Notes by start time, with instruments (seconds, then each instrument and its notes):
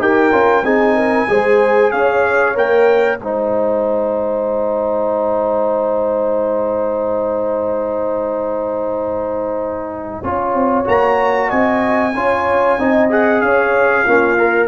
0.00 tuba D#4, trombone G4, horn A#4, trumpet G5
0.32 tuba C#4, trombone F4
0.63 tuba C4, trombone D#4, horn G#4, trumpet G#5
0.96 horn A#4
1.29 tuba G#3, trombone G#4, horn C5
1.91 tuba C#4, horn C#5, trumpet F5
2.55 tuba A#3, trombone A#4, trumpet G5
3.18 tuba G#3, trombone D#4, horn C5, trumpet G#5
10.22 tuba C#4, trombone F4, horn C#5
10.54 tuba C4
10.85 tuba A#3, trombone F#4, trumpet A#5
11.49 tuba C4, horn D#5, trumpet G#5
12.15 tuba C#4, trombone F4, horn C#5
12.79 tuba C4, trombone D#4, horn D#5
13.10 trombone G#4, trumpet F#5
13.41 tuba C#4, horn C#5, trumpet F5
14.04 tuba A#3, trombone C#4, horn F4
14.39 trombone A#4